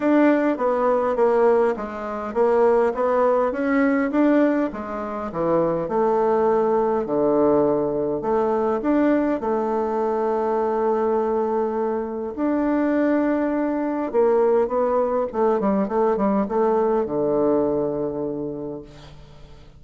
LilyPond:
\new Staff \with { instrumentName = "bassoon" } { \time 4/4 \tempo 4 = 102 d'4 b4 ais4 gis4 | ais4 b4 cis'4 d'4 | gis4 e4 a2 | d2 a4 d'4 |
a1~ | a4 d'2. | ais4 b4 a8 g8 a8 g8 | a4 d2. | }